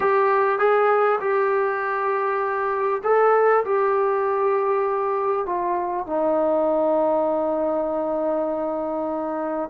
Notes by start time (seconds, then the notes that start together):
0.00 G4
0.58 G#4
1.20 G4
3.03 A4
3.64 G4
5.45 F4
6.06 D#4